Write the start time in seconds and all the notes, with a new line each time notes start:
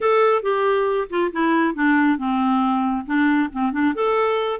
0.00 A4
0.42 G4
1.09 F4
1.32 E4
1.74 D4
2.18 C4
3.06 D4
3.52 C4
3.72 D4
3.95 A4